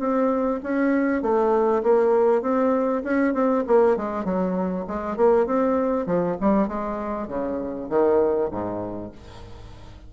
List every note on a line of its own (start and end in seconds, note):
0.00 0.61 C4
0.63 1.23 C#4
1.23 1.83 A3
1.83 2.42 A#3
2.42 3.03 C4
3.04 3.34 C#4
3.34 3.64 C4
3.67 3.97 A#3
3.97 4.25 G#3
4.25 4.86 F#3
4.88 5.17 G#3
5.17 5.47 A#3
5.47 6.07 C4
6.07 6.37 F3
6.41 6.69 G3
6.69 7.28 G#3
7.28 7.89 C#3
7.90 8.51 D#3
8.52 9.12 G#2